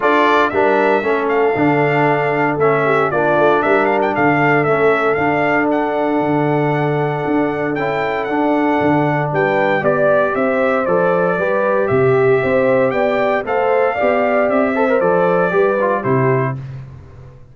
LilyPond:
<<
  \new Staff \with { instrumentName = "trumpet" } { \time 4/4 \tempo 4 = 116 d''4 e''4. f''4.~ | f''4 e''4 d''4 e''8 f''16 g''16 | f''4 e''4 f''4 fis''4~ | fis''2. g''4 |
fis''2 g''4 d''4 | e''4 d''2 e''4~ | e''4 g''4 f''2 | e''4 d''2 c''4 | }
  \new Staff \with { instrumentName = "horn" } { \time 4/4 a'4 ais'4 a'2~ | a'4. g'8 f'4 ais'4 | a'1~ | a'1~ |
a'2 b'4 d''4 | c''2 b'4 g'4 | c''4 d''4 c''4 d''4~ | d''8 c''4. b'4 g'4 | }
  \new Staff \with { instrumentName = "trombone" } { \time 4/4 f'4 d'4 cis'4 d'4~ | d'4 cis'4 d'2~ | d'4 cis'4 d'2~ | d'2. e'4 |
d'2. g'4~ | g'4 a'4 g'2~ | g'2 a'4 g'4~ | g'8 a'16 ais'16 a'4 g'8 f'8 e'4 | }
  \new Staff \with { instrumentName = "tuba" } { \time 4/4 d'4 g4 a4 d4~ | d4 a4 ais8 a8 g4 | d4 a4 d'2 | d2 d'4 cis'4 |
d'4 d4 g4 b4 | c'4 f4 g4 c4 | c'4 b4 a4 b4 | c'4 f4 g4 c4 | }
>>